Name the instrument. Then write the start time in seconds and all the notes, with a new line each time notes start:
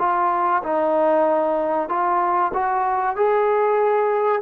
trombone
0.00 F4
0.64 D#4
1.89 F4
2.54 F#4
3.17 G#4